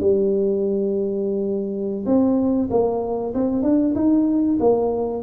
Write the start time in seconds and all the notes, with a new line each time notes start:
0.00 G3
2.06 C4
2.70 A#3
3.34 C4
3.63 D4
3.95 D#4
4.60 A#3